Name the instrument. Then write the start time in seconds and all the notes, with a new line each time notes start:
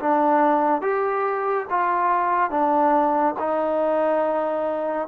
trombone
0.00 D4
0.82 G4
1.71 F4
2.51 D4
3.40 D#4